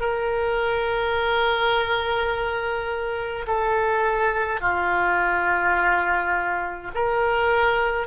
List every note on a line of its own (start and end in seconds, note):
0.00 3.46 A#4
3.47 4.60 A4
4.60 6.91 F4
6.94 8.07 A#4